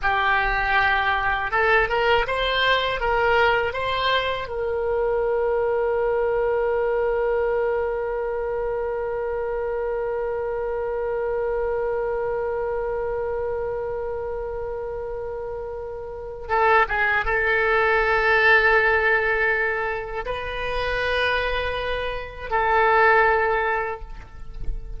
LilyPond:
\new Staff \with { instrumentName = "oboe" } { \time 4/4 \tempo 4 = 80 g'2 a'8 ais'8 c''4 | ais'4 c''4 ais'2~ | ais'1~ | ais'1~ |
ais'1~ | ais'2 a'8 gis'8 a'4~ | a'2. b'4~ | b'2 a'2 | }